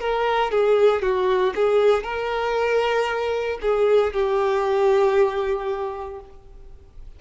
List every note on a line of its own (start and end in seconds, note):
0.00 0.51 A#4
0.51 1.02 G#4
1.02 1.54 F#4
1.55 2.04 G#4
2.04 3.59 A#4
3.62 4.13 G#4
4.13 6.20 G4